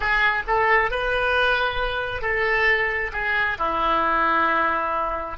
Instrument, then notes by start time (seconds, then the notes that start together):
oboe
0.00 G#4
0.47 A4
0.90 B4
2.21 A4
3.12 G#4
3.58 E4